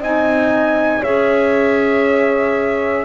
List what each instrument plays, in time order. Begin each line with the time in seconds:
0.00 double bass C4, clarinet D#4, horn D#5, trumpet G#5
1.01 double bass C#4, clarinet G#4, horn C#5, trumpet E5